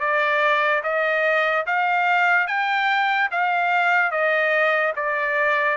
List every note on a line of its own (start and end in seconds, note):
0.00 0.82 D5
0.83 1.66 D#5
1.66 2.47 F5
2.47 3.29 G5
3.31 4.11 F5
4.11 4.93 D#5
4.96 5.77 D5